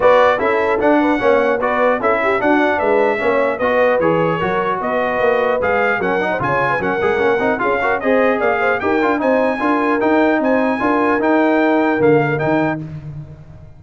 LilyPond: <<
  \new Staff \with { instrumentName = "trumpet" } { \time 4/4 \tempo 4 = 150 d''4 e''4 fis''2 | d''4 e''4 fis''4 e''4~ | e''4 dis''4 cis''2 | dis''2 f''4 fis''4 |
gis''4 fis''2 f''4 | dis''4 f''4 g''4 gis''4~ | gis''4 g''4 gis''2 | g''2 f''4 g''4 | }
  \new Staff \with { instrumentName = "horn" } { \time 4/4 b'4 a'4. b'8 cis''4 | b'4 a'8 g'8 fis'4 b'4 | cis''4 b'2 ais'4 | b'2. ais'8. c''16 |
cis''8. b'16 ais'2 gis'8 ais'8 | c''4 d''8 c''8 ais'4 c''4 | ais'2 c''4 ais'4~ | ais'1 | }
  \new Staff \with { instrumentName = "trombone" } { \time 4/4 fis'4 e'4 d'4 cis'4 | fis'4 e'4 d'2 | cis'4 fis'4 gis'4 fis'4~ | fis'2 gis'4 cis'8 dis'8 |
f'4 cis'8 gis'8 cis'8 dis'8 f'8 fis'8 | gis'2 g'8 f'8 dis'4 | f'4 dis'2 f'4 | dis'2 ais4 dis'4 | }
  \new Staff \with { instrumentName = "tuba" } { \time 4/4 b4 cis'4 d'4 ais4 | b4 cis'4 d'4 gis4 | ais4 b4 e4 fis4 | b4 ais4 gis4 fis4 |
cis4 fis8 gis8 ais8 c'8 cis'4 | c'4 ais4 dis'8 d'8 c'4 | d'4 dis'4 c'4 d'4 | dis'2 d4 dis4 | }
>>